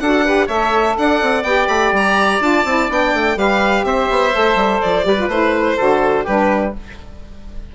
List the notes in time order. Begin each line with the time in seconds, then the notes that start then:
0.00 D4 F#4 A4 F#5
0.25 G4 B4
0.47 A3 A4 C#5 E5
0.99 D4 D5 F#5
1.22 C4
1.43 B3 G4 G5
1.68 A3 B5
1.92 G3 A#5
2.41 D4 F4 A5
2.65 C4 E4
2.90 B3 D4 G5
3.14 A3
3.35 G3 G4 B4 F5
3.84 C4 C5 E5
4.11 B3
4.34 A3 A4
4.56 G3
4.81 F3 D5
5.04 G3 G4 B4
5.17 F4
5.28 A3 E4 C5
5.77 D3 F#4 A4
6.25 G3 D4 G4 B4